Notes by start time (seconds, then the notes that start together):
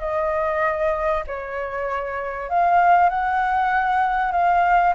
0.00 D#5
1.27 C#5
2.49 F5
3.09 F#5
4.32 F5